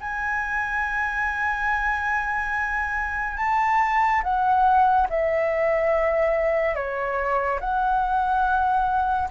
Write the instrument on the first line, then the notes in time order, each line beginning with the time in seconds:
flute
0.00 G#5
3.37 A5
4.23 F#5
5.09 E5
6.75 C#5
7.59 F#5